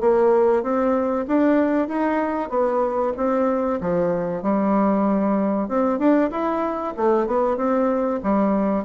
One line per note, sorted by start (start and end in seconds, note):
0.00 0.62 A#3
0.62 1.25 C4
1.27 1.88 D4
1.88 2.49 D#4
2.49 3.13 B3
3.17 3.80 C4
3.81 4.42 F3
4.42 5.68 G3
5.68 5.99 C4
5.99 6.30 D4
6.30 6.94 E4
6.97 7.27 A3
7.27 7.56 B3
7.56 8.20 C4
8.23 8.84 G3